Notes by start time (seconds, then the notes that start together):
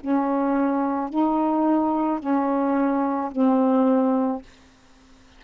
0.00 C#4
1.10 D#4
2.20 C#4
3.31 C4